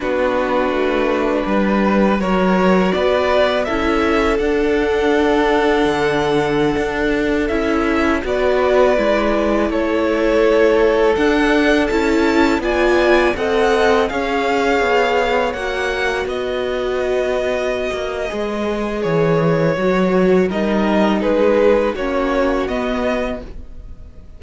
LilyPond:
<<
  \new Staff \with { instrumentName = "violin" } { \time 4/4 \tempo 4 = 82 b'2. cis''4 | d''4 e''4 fis''2~ | fis''2~ fis''16 e''4 d''8.~ | d''4~ d''16 cis''2 fis''8.~ |
fis''16 a''4 gis''4 fis''4 f''8.~ | f''4~ f''16 fis''4 dis''4.~ dis''16~ | dis''2 cis''2 | dis''4 b'4 cis''4 dis''4 | }
  \new Staff \with { instrumentName = "violin" } { \time 4/4 fis'2 b'4 ais'4 | b'4 a'2.~ | a'2.~ a'16 b'8.~ | b'4~ b'16 a'2~ a'8.~ |
a'4~ a'16 d''4 dis''4 cis''8.~ | cis''2~ cis''16 b'4.~ b'16~ | b'1 | ais'4 gis'4 fis'2 | }
  \new Staff \with { instrumentName = "viola" } { \time 4/4 d'2. fis'4~ | fis'4 e'4 d'2~ | d'2~ d'16 e'4 fis'8.~ | fis'16 e'2. d'8.~ |
d'16 e'4 f'4 a'4 gis'8.~ | gis'4~ gis'16 fis'2~ fis'8.~ | fis'4 gis'2 fis'4 | dis'2 cis'4 b4 | }
  \new Staff \with { instrumentName = "cello" } { \time 4/4 b4 a4 g4 fis4 | b4 cis'4 d'2 | d4~ d16 d'4 cis'4 b8.~ | b16 gis4 a2 d'8.~ |
d'16 cis'4 b4 c'4 cis'8.~ | cis'16 b4 ais4 b4.~ b16~ | b8 ais8 gis4 e4 fis4 | g4 gis4 ais4 b4 | }
>>